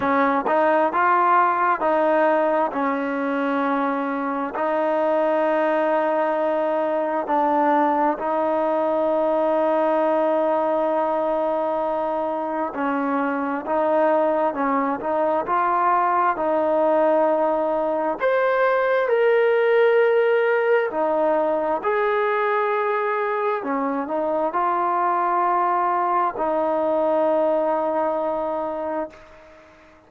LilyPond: \new Staff \with { instrumentName = "trombone" } { \time 4/4 \tempo 4 = 66 cis'8 dis'8 f'4 dis'4 cis'4~ | cis'4 dis'2. | d'4 dis'2.~ | dis'2 cis'4 dis'4 |
cis'8 dis'8 f'4 dis'2 | c''4 ais'2 dis'4 | gis'2 cis'8 dis'8 f'4~ | f'4 dis'2. | }